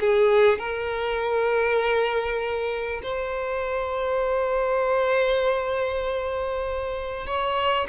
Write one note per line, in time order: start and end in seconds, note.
0.00 0.58 G#4
0.58 3.01 A#4
3.02 7.26 C5
7.26 7.87 C#5